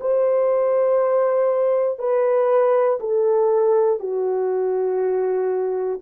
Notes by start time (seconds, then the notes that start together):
0.00 C5
1.99 B4
3.00 A4
3.99 F#4